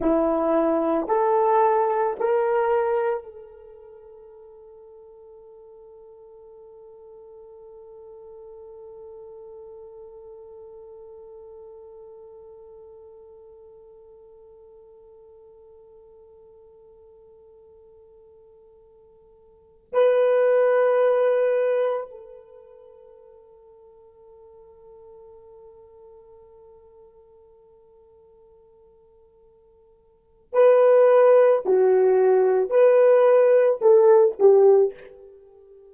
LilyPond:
\new Staff \with { instrumentName = "horn" } { \time 4/4 \tempo 4 = 55 e'4 a'4 ais'4 a'4~ | a'1~ | a'1~ | a'1~ |
a'2~ a'16 b'4.~ b'16~ | b'16 a'2.~ a'8.~ | a'1 | b'4 fis'4 b'4 a'8 g'8 | }